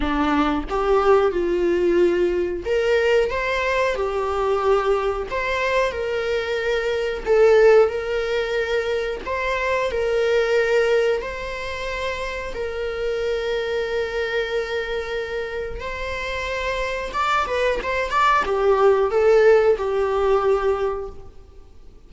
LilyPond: \new Staff \with { instrumentName = "viola" } { \time 4/4 \tempo 4 = 91 d'4 g'4 f'2 | ais'4 c''4 g'2 | c''4 ais'2 a'4 | ais'2 c''4 ais'4~ |
ais'4 c''2 ais'4~ | ais'1 | c''2 d''8 b'8 c''8 d''8 | g'4 a'4 g'2 | }